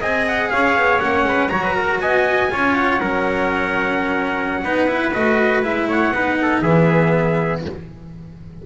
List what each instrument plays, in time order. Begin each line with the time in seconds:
0.00 double bass C4, cello G#4, trumpet D#5 G#5
0.28 trumpet F#5
0.50 double bass C#4, trumpet C#5 F5
0.75 double bass B3
0.99 double bass A#3, cello C#4, trumpet F#5
1.24 double bass G#3, trumpet B4
1.49 double bass F#3, cello F#4, trumpet C#5 A#5
1.63 trumpet B4
1.75 trumpet A#4
2.00 double bass B3, trumpet D#5 G#5
2.50 double bass C#4, cello F4, trumpet C#5
2.75 trumpet F#5
3.00 double bass F#3, cello C#4, trumpet A#4
4.63 double bass B3, cello D#4, trumpet B4
4.87 cello E4
5.13 double bass A3, cello F#4, trumpet D#5
5.62 double bass G#3, cello E4, trumpet E5
5.88 double bass A3, trumpet C#5 F#5
6.11 double bass B3, cello D#4, trumpet B4
6.41 trumpet A4
6.61 double bass E3, cello B3, trumpet G#4 E5